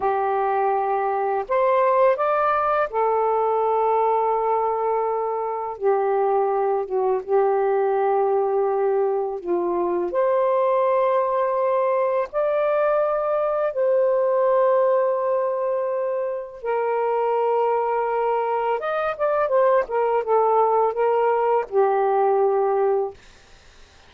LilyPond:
\new Staff \with { instrumentName = "saxophone" } { \time 4/4 \tempo 4 = 83 g'2 c''4 d''4 | a'1 | g'4. fis'8 g'2~ | g'4 f'4 c''2~ |
c''4 d''2 c''4~ | c''2. ais'4~ | ais'2 dis''8 d''8 c''8 ais'8 | a'4 ais'4 g'2 | }